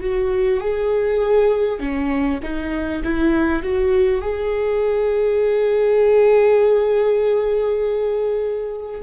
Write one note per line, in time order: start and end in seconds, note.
0.00 0.60 F#4
0.60 1.79 G#4
1.79 2.39 C#4
2.43 3.03 D#4
3.03 3.63 E4
3.63 4.21 F#4
4.21 9.01 G#4